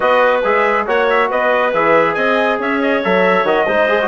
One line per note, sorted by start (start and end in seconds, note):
0.00 0.43 B3
0.00 0.42 F#4
0.00 0.85 B4
0.00 0.42 D#5
0.43 0.86 G#3
0.43 0.86 G#4
0.43 0.87 E5
0.86 1.29 A#3
0.86 1.72 F#4
0.86 1.29 C#5
0.86 1.09 F#5
1.09 1.31 E5
1.29 1.73 B3
1.29 2.15 B4
1.29 1.73 D#5
1.73 2.16 E3
1.73 3.03 G#4
1.73 2.14 E5
2.14 2.59 C4
2.14 2.58 D#5
2.14 2.57 G#5
2.59 3.02 C#4
2.59 3.66 C#5
2.59 2.81 E5
2.81 3.03 D#5
3.03 3.43 F#3
3.03 3.45 A4
3.03 3.46 E5
3.43 3.65 D#3
3.43 3.66 F#4
3.43 4.08 D#5
3.66 4.08 G#3
3.66 3.88 D#4
3.66 4.08 C5
3.88 3.99 G#4
4.01 4.08 F#4